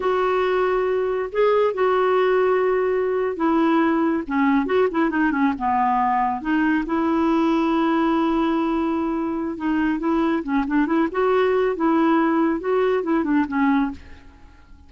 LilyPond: \new Staff \with { instrumentName = "clarinet" } { \time 4/4 \tempo 4 = 138 fis'2. gis'4 | fis'2.~ fis'8. e'16~ | e'4.~ e'16 cis'4 fis'8 e'8 dis'16~ | dis'16 cis'8 b2 dis'4 e'16~ |
e'1~ | e'2 dis'4 e'4 | cis'8 d'8 e'8 fis'4. e'4~ | e'4 fis'4 e'8 d'8 cis'4 | }